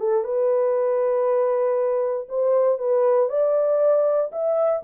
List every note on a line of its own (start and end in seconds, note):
0.00 0.24 A4
0.24 2.28 B4
2.29 2.79 C5
2.79 3.30 B4
3.30 4.31 D5
4.32 4.83 E5